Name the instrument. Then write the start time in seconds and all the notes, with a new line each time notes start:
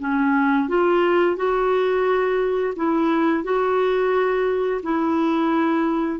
clarinet
0.00 C#4
0.69 F4
1.37 F#4
2.76 E4
3.44 F#4
4.83 E4